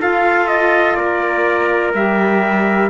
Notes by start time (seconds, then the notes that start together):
0.00 F4 A4 F5
0.48 D#5
0.95 A#3 A#4 D5
1.94 G3 G4 E5